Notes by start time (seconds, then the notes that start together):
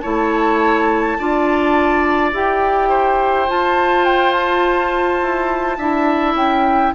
0.00 A3 E4 C#5 A5
1.19 D4 F4 D5
2.33 E4 G4 G5
2.88 C5
3.47 F4 A5
4.05 G5
4.32 A5
5.22 E4
5.78 D4 E4 E5
6.35 C#4 G5